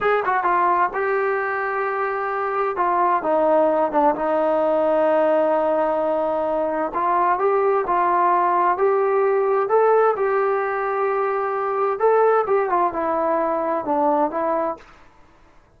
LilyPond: \new Staff \with { instrumentName = "trombone" } { \time 4/4 \tempo 4 = 130 gis'8 fis'8 f'4 g'2~ | g'2 f'4 dis'4~ | dis'8 d'8 dis'2.~ | dis'2. f'4 |
g'4 f'2 g'4~ | g'4 a'4 g'2~ | g'2 a'4 g'8 f'8 | e'2 d'4 e'4 | }